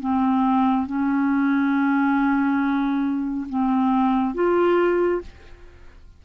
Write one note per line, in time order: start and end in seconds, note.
0.00 0.86 C4
0.86 3.47 C#4
3.49 4.34 C4
4.34 5.21 F4